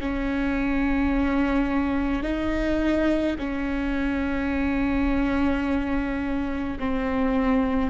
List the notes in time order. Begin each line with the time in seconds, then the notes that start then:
0.00 C#4
2.23 D#4
3.39 C#4
6.79 C4